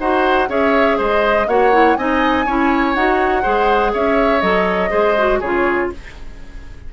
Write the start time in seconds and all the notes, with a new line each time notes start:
0.00 D#4 F#4 C5 F#5
0.49 C#4 G#4 C#5 E5
0.98 G#3 C5 D#5
1.48 A#3 F#4 C#5 F#5
1.73 E4
1.96 C4 D#4 D#5 G#5
2.46 C#4 E4 C#5
2.95 D#4 F#4 F#5
3.43 G#3 G#4 C5
3.94 C#4 C#5 E5
4.41 F#3 A4 D#5
4.90 G#3 G#4 C5
5.18 F#4
5.40 C#3 F4 G#4 C#5